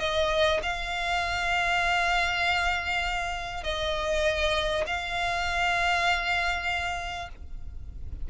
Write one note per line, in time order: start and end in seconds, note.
0.00 0.61 D#5
0.63 3.64 F5
3.64 4.85 D#5
4.87 7.29 F5